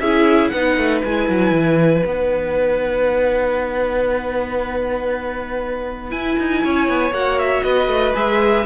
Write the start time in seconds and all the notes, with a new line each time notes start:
0.00 C#4 E4 G#4 E5
0.49 B3 D#4 B4 F#5
0.77 A3
1.05 G#3 E4 G#5
1.30 F#3
1.52 E3
2.06 B3 D#4 F#5
6.11 E4 G#5
6.39 D#4
6.64 C#4 C#5
6.89 B3
7.12 A#3 F#4 F#5
7.39 E5
7.63 B3 B4 D#5
7.88 A3
8.15 G#3 G#4 E5